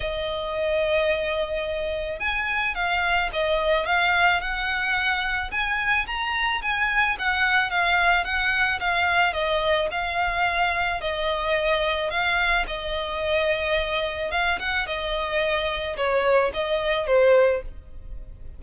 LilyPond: \new Staff \with { instrumentName = "violin" } { \time 4/4 \tempo 4 = 109 dis''1 | gis''4 f''4 dis''4 f''4 | fis''2 gis''4 ais''4 | gis''4 fis''4 f''4 fis''4 |
f''4 dis''4 f''2 | dis''2 f''4 dis''4~ | dis''2 f''8 fis''8 dis''4~ | dis''4 cis''4 dis''4 c''4 | }